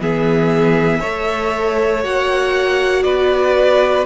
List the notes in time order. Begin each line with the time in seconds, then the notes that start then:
0.00 E3 B3 G#4 E5
1.00 A3 A4 C#5
2.04 A#3 F#4 F#5
3.03 B3 B4 D5